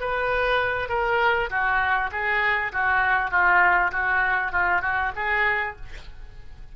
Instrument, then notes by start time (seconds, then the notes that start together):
oboe
0.00 B4
0.89 A#4
1.50 F#4
2.12 G#4
2.72 F#4
3.31 F4
3.92 F#4
4.52 F4
4.82 F#4
5.15 G#4